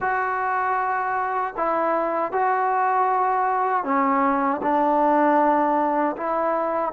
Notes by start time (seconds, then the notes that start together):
0.00 F#4
1.56 E4
2.31 F#4
3.84 C#4
4.62 D4
6.16 E4